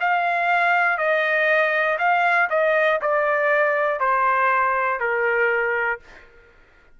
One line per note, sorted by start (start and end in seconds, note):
0.00 0.97 F5
0.97 1.97 D#5
1.98 2.48 F5
2.49 2.99 D#5
3.01 3.99 D5
3.99 4.99 C5
4.99 5.99 A#4